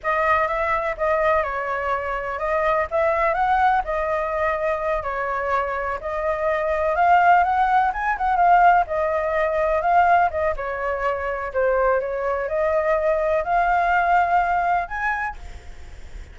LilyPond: \new Staff \with { instrumentName = "flute" } { \time 4/4 \tempo 4 = 125 dis''4 e''4 dis''4 cis''4~ | cis''4 dis''4 e''4 fis''4 | dis''2~ dis''8 cis''4.~ | cis''8 dis''2 f''4 fis''8~ |
fis''8 gis''8 fis''8 f''4 dis''4.~ | dis''8 f''4 dis''8 cis''2 | c''4 cis''4 dis''2 | f''2. gis''4 | }